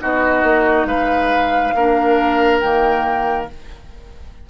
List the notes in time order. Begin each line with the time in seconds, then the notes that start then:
0.00 B3 D#4 F#4 D#5
0.42 A#3
0.85 G#3 B4 F5
1.74 A#3 D4 A#4
2.58 D#3 A#3 G5